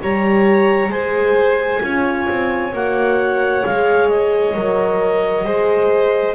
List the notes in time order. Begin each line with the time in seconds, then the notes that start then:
0.00 G3 G4 C#5 A#5
0.89 G#3 G#4 C5 G#5
1.81 C#4 F4 C#5
2.29 C4
2.73 A#3 F#4 F#5
3.65 G#3 G#4 F5
4.08 D#5
4.54 F#3 A#4
5.44 G#3 G#4 C5